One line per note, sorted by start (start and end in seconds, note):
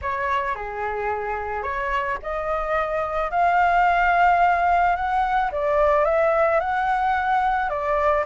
0.01 0.55 C#5
0.55 1.62 G#4
1.62 2.17 C#5
2.22 3.30 D#5
3.30 4.95 F5
4.95 5.50 F#5
5.51 6.05 D5
6.05 6.60 E5
6.60 7.69 F#5
7.69 8.24 D5